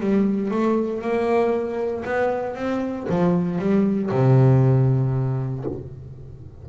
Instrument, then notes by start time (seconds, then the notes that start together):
double bass
0.00 G3
0.51 A3
1.02 A#3
2.05 B3
2.55 C4
3.09 F3
3.59 G3
4.11 C3